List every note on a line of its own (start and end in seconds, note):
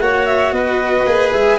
0.00 0.52 A#3
0.00 1.07 F#4
0.00 0.54 C#5
0.00 0.26 F#5
0.26 0.53 E5
0.52 1.05 B3
0.52 1.59 B4
0.52 1.31 D#5
1.07 1.33 A#3
1.07 1.59 G#4
1.32 1.59 G#3
1.32 1.59 E5